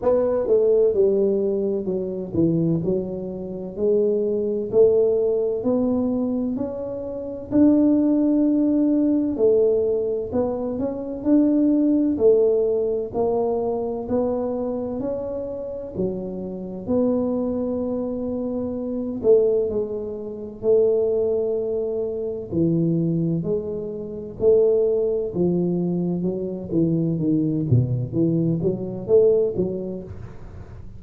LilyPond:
\new Staff \with { instrumentName = "tuba" } { \time 4/4 \tempo 4 = 64 b8 a8 g4 fis8 e8 fis4 | gis4 a4 b4 cis'4 | d'2 a4 b8 cis'8 | d'4 a4 ais4 b4 |
cis'4 fis4 b2~ | b8 a8 gis4 a2 | e4 gis4 a4 f4 | fis8 e8 dis8 b,8 e8 fis8 a8 fis8 | }